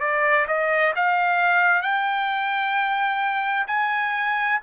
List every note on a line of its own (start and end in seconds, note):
0.00 0.46 D5
0.47 0.94 D#5
0.95 1.82 F5
1.82 3.66 G5
3.67 4.59 G#5